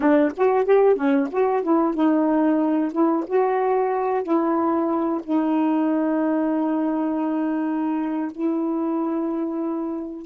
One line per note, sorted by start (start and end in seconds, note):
0.00 0.31 D4
0.36 0.64 F#4
0.64 0.95 G4
0.95 1.28 C#4
1.31 1.62 F#4
1.62 1.94 E4
1.94 2.91 D#4
2.91 3.24 E4
3.26 4.23 F#4
4.23 5.21 E4
5.23 8.31 D#4
8.31 10.26 E4